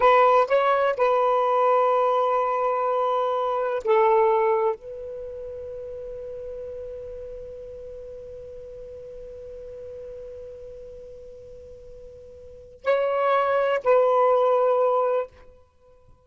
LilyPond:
\new Staff \with { instrumentName = "saxophone" } { \time 4/4 \tempo 4 = 126 b'4 cis''4 b'2~ | b'1 | a'2 b'2~ | b'1~ |
b'1~ | b'1~ | b'2. cis''4~ | cis''4 b'2. | }